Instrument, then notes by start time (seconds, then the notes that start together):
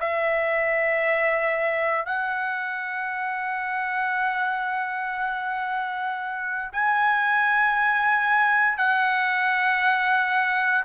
trumpet
0.00 E5
2.05 F#5
6.72 G#5
8.77 F#5